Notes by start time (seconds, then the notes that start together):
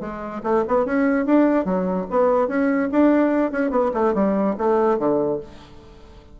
0.00 G#3
0.43 A3
0.68 B3
0.85 C#4
1.26 D4
1.65 F#3
2.10 B3
2.48 C#4
2.92 D4
3.52 C#4
3.71 B3
3.94 A3
4.14 G3
4.58 A3
4.98 D3